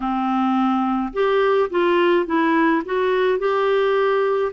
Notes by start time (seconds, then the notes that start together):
0.00 C4
1.13 G4
1.70 F4
2.26 E4
2.85 F#4
3.38 G4